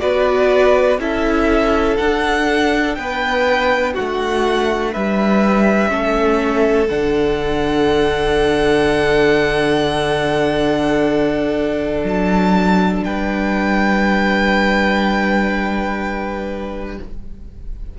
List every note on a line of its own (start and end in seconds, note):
0.00 0.99 B3
0.00 0.99 F#4
0.00 1.01 B4
0.00 0.98 D5
0.99 1.97 C#4
0.99 1.98 E4
0.99 2.98 A4
0.99 1.97 E5
1.97 5.88 D4
1.97 2.98 D4
1.97 2.95 F#5
2.95 3.96 B3
2.95 3.94 B4
2.95 3.94 G5
3.94 4.92 F#4
3.94 4.93 F#5
4.00 4.95 A3
4.93 5.92 G3
4.93 5.91 B4
4.93 6.87 E5
5.88 6.90 A3
5.88 6.87 C#4
5.88 13.05 A4
6.87 12.04 D3
6.87 16.98 D4
6.87 12.04 F#5
12.04 13.02 F#3
12.04 13.04 A5
13.04 16.99 G3
13.04 16.99 B4
13.04 16.98 G5